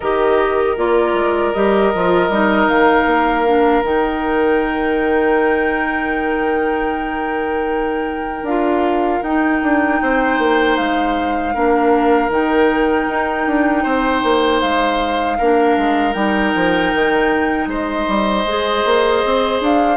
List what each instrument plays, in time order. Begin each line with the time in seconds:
0.00 bassoon D#3, clarinet G4, oboe A#4, flute D#5
0.77 bassoon A#3, clarinet F4, flute D5
1.13 bassoon G#3
1.53 bassoon G3, clarinet G4, flute D#5
1.94 bassoon F3, clarinet F4
2.29 bassoon G3, clarinet D#4
2.68 bassoon D#3, flute F5
3.06 bassoon A#3
3.46 clarinet D4
3.83 bassoon D#3, clarinet D#4, flute G5
8.42 bassoon D4, clarinet F4, flute F5
9.22 bassoon D#4, clarinet D#4, flute G5
9.62 bassoon D4
10.01 bassoon C4, oboe C5
10.38 bassoon A#3
10.76 bassoon G#3, flute F5
11.54 bassoon A#3, clarinet D4, oboe A#4
12.29 bassoon D#3, clarinet D#4, flute G5
13.08 bassoon D#4
13.46 bassoon D4
13.83 bassoon C4, oboe C5
14.23 bassoon A#3
14.61 bassoon G#3, flute F5
15.38 bassoon A#3, clarinet D4, oboe A#4
15.77 bassoon G#3
16.13 bassoon G3, clarinet D#4, flute G5
16.55 bassoon F3
16.93 bassoon D#3
17.67 bassoon G#3, oboe C5, flute D#5
18.08 bassoon G3
18.44 bassoon G#3, clarinet G#4
18.85 bassoon A#3
19.24 bassoon C4
19.60 bassoon D4, flute F5